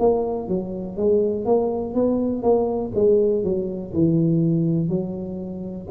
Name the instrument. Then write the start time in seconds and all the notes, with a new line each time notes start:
tuba
0.00 A#3
0.48 F#3
0.97 G#3
1.46 A#3
1.95 B3
2.43 A#3
2.96 G#3
3.44 F#3
3.93 E3
4.90 F#3